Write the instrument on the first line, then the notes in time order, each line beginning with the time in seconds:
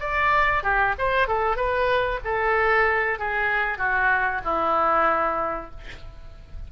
oboe
0.00 D5
0.63 G4
0.98 C5
1.28 A4
1.56 B4
2.25 A4
3.19 G#4
3.78 F#4
4.45 E4